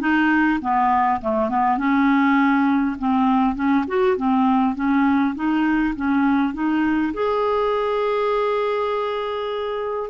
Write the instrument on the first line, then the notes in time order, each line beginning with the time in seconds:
clarinet
0.00 D#4
0.61 B3
1.21 A3
1.49 B3
1.77 C#4
2.98 C4
3.55 C#4
3.87 F#4
4.17 C4
4.75 C#4
5.35 D#4
5.95 C#4
6.53 D#4
7.13 G#4